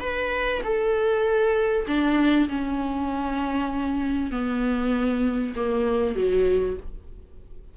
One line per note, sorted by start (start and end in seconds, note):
0.00 0.61 B4
0.63 1.86 A4
1.87 2.48 D4
2.49 4.31 C#4
4.31 5.54 B3
5.56 6.15 A#3
6.15 6.77 F#3